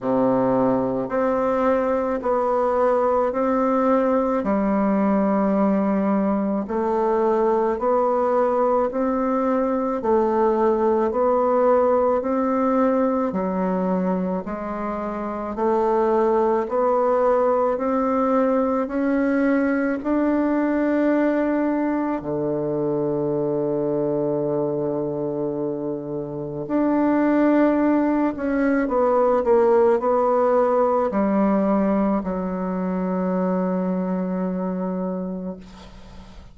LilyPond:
\new Staff \with { instrumentName = "bassoon" } { \time 4/4 \tempo 4 = 54 c4 c'4 b4 c'4 | g2 a4 b4 | c'4 a4 b4 c'4 | fis4 gis4 a4 b4 |
c'4 cis'4 d'2 | d1 | d'4. cis'8 b8 ais8 b4 | g4 fis2. | }